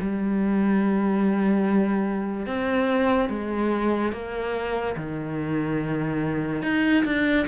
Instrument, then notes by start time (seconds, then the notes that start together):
cello
0.00 G3
2.46 C4
3.29 G#3
4.12 A#3
4.96 D#3
6.62 D#4
7.05 D4